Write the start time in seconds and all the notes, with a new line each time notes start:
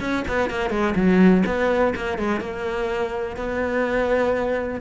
0.00 C#4
0.28 B3
0.50 A#3
0.70 G#3
0.95 F#3
1.46 B3
1.96 A#3
2.18 G#3
2.40 A#3
3.36 B3